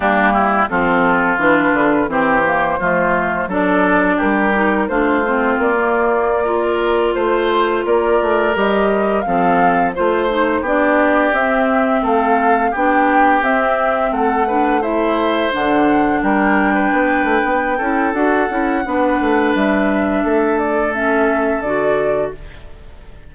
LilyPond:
<<
  \new Staff \with { instrumentName = "flute" } { \time 4/4 \tempo 4 = 86 g'4 a'4 b'4 c''4~ | c''4 d''4 ais'4 c''4 | d''2~ d''16 c''4 d''8.~ | d''16 dis''4 f''4 c''4 d''8.~ |
d''16 e''4 f''4 g''4 e''8.~ | e''16 fis''4 e''4 fis''4 g''8.~ | g''2 fis''2 | e''4. d''8 e''4 d''4 | }
  \new Staff \with { instrumentName = "oboe" } { \time 4/4 d'8 e'8 f'2 g'4 | f'4 a'4 g'4 f'4~ | f'4~ f'16 ais'4 c''4 ais'8.~ | ais'4~ ais'16 a'4 c''4 g'8.~ |
g'4~ g'16 a'4 g'4.~ g'16~ | g'16 a'8 b'8 c''2 ais'8. | b'4. a'4. b'4~ | b'4 a'2. | }
  \new Staff \with { instrumentName = "clarinet" } { \time 4/4 ais4 c'4 d'4 c'8 ais8 | a4 d'4. dis'8 d'8 c'8~ | c'16 ais4 f'2~ f'8.~ | f'16 g'4 c'4 f'8 dis'8 d'8.~ |
d'16 c'2 d'4 c'8.~ | c'8. d'8 e'4 d'4.~ d'16~ | d'4. e'8 fis'8 e'8 d'4~ | d'2 cis'4 fis'4 | }
  \new Staff \with { instrumentName = "bassoon" } { \time 4/4 g4 f4 e8 d8 e4 | f4 fis4 g4 a4 | ais2~ ais16 a4 ais8 a16~ | a16 g4 f4 a4 b8.~ |
b16 c'4 a4 b4 c'8.~ | c'16 a2 d4 g8.~ | g16 b8 a16 b8 cis'8 d'8 cis'8 b8 a8 | g4 a2 d4 | }
>>